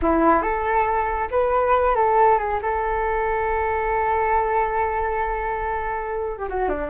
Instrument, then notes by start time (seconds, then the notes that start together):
flute
0.01 E4
0.42 A4
1.30 B4
1.95 A4
2.38 G#4
2.62 A4
6.37 G4
6.48 F#4
6.68 D4